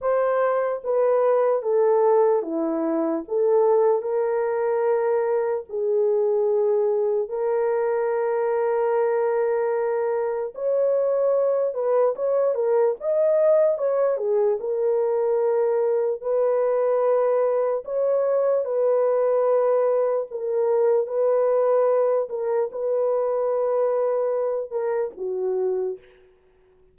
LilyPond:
\new Staff \with { instrumentName = "horn" } { \time 4/4 \tempo 4 = 74 c''4 b'4 a'4 e'4 | a'4 ais'2 gis'4~ | gis'4 ais'2.~ | ais'4 cis''4. b'8 cis''8 ais'8 |
dis''4 cis''8 gis'8 ais'2 | b'2 cis''4 b'4~ | b'4 ais'4 b'4. ais'8 | b'2~ b'8 ais'8 fis'4 | }